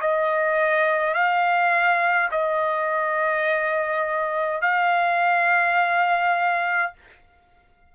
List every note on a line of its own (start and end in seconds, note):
0.00 1.13 D#5
1.13 2.29 F5
2.31 4.62 D#5
4.62 6.92 F5